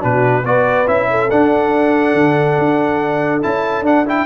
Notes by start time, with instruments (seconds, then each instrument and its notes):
0.00 tuba B2, trombone D4, horn F#4, trumpet B4
0.45 tuba B3, trombone F#4, horn B4, trumpet D5
0.87 tuba C#4, trombone E4, trumpet E5
1.10 horn A4
1.30 tuba D4, trombone D4, trumpet F#5
2.14 tuba D3
2.59 tuba D4
3.42 tuba C#4, trombone E4, trumpet A5
3.82 tuba D4, trombone D4, trumpet F#5
4.06 trombone E4, trumpet G5